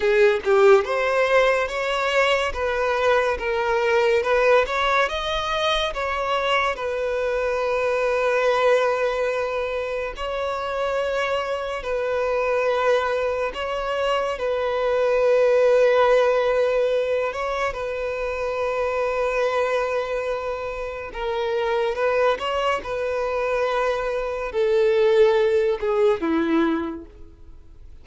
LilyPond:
\new Staff \with { instrumentName = "violin" } { \time 4/4 \tempo 4 = 71 gis'8 g'8 c''4 cis''4 b'4 | ais'4 b'8 cis''8 dis''4 cis''4 | b'1 | cis''2 b'2 |
cis''4 b'2.~ | b'8 cis''8 b'2.~ | b'4 ais'4 b'8 cis''8 b'4~ | b'4 a'4. gis'8 e'4 | }